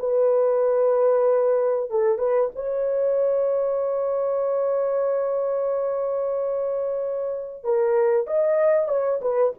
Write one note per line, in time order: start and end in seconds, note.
0.00 1.90 B4
1.90 2.19 A4
2.19 2.51 B4
2.56 7.64 C#5
7.64 8.27 A#4
8.27 8.89 D#5
8.89 9.21 C#5
9.22 9.54 B4